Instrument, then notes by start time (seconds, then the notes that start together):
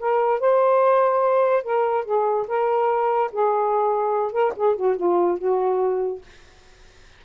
saxophone
0.00 A#4
0.40 C5
1.63 A#4
2.05 G#4
2.48 A#4
3.32 G#4
4.32 A#4
4.57 G#4
4.76 F#4
4.97 F4
5.38 F#4